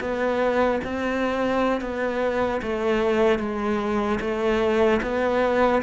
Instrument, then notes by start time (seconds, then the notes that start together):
cello
0.00 B3
0.84 C4
1.81 B3
2.62 A3
3.39 G#3
4.20 A3
5.02 B3